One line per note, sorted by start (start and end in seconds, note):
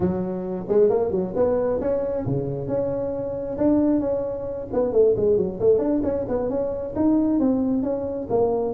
0.00 0.66 F#3
0.68 0.89 G#3
0.89 1.11 A#3
1.11 1.33 F#3
1.35 1.80 B3
1.81 2.25 C#4
2.26 2.67 C#3
2.67 3.57 C#4
3.57 4.00 D4
4.00 4.67 C#4
4.72 4.92 B3
4.92 5.14 A3
5.16 5.37 G#3
5.37 5.59 F#3
5.59 5.78 A3
5.78 6.00 D4
6.03 6.25 C#4
6.28 6.49 B3
6.49 6.94 C#4
6.95 7.39 D#4
7.39 7.83 C4
7.83 8.27 C#4
8.29 8.74 A#3